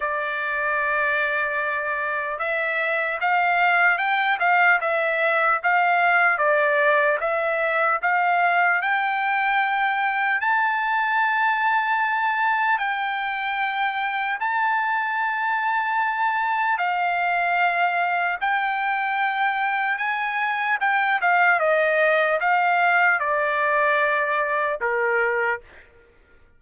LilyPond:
\new Staff \with { instrumentName = "trumpet" } { \time 4/4 \tempo 4 = 75 d''2. e''4 | f''4 g''8 f''8 e''4 f''4 | d''4 e''4 f''4 g''4~ | g''4 a''2. |
g''2 a''2~ | a''4 f''2 g''4~ | g''4 gis''4 g''8 f''8 dis''4 | f''4 d''2 ais'4 | }